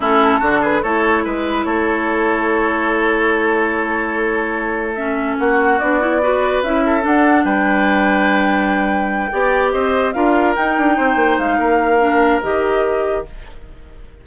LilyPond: <<
  \new Staff \with { instrumentName = "flute" } { \time 4/4 \tempo 4 = 145 a'4. b'8 cis''4 b'4 | cis''1~ | cis''1 | e''4 fis''4 d''2 |
e''4 fis''4 g''2~ | g''2.~ g''8 dis''8~ | dis''8 f''4 g''2 f''8~ | f''2 dis''2 | }
  \new Staff \with { instrumentName = "oboe" } { \time 4/4 e'4 fis'8 gis'8 a'4 b'4 | a'1~ | a'1~ | a'4 fis'2 b'4~ |
b'8 a'4. b'2~ | b'2~ b'8 d''4 c''8~ | c''8 ais'2 c''4. | ais'1 | }
  \new Staff \with { instrumentName = "clarinet" } { \time 4/4 cis'4 d'4 e'2~ | e'1~ | e'1 | cis'2 d'8 e'8 fis'4 |
e'4 d'2.~ | d'2~ d'8 g'4.~ | g'8 f'4 dis'2~ dis'8~ | dis'4 d'4 g'2 | }
  \new Staff \with { instrumentName = "bassoon" } { \time 4/4 a4 d4 a4 gis4 | a1~ | a1~ | a4 ais4 b2 |
cis'4 d'4 g2~ | g2~ g8 b4 c'8~ | c'8 d'4 dis'8 d'8 c'8 ais8 gis8 | ais2 dis2 | }
>>